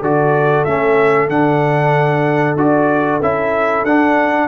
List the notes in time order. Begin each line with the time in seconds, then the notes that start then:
0.00 D3 F#4 A4 D5
0.65 A3 C#4 E5
1.29 D3 D4 F#5
2.56 D4 F#4 D5
3.22 C#4 E4 E5
3.84 D4 F#5